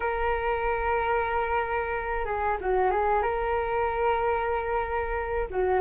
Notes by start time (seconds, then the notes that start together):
0.00 A#4
2.25 G#4
2.60 F#4
2.90 G#4
3.22 A#4
5.50 F#4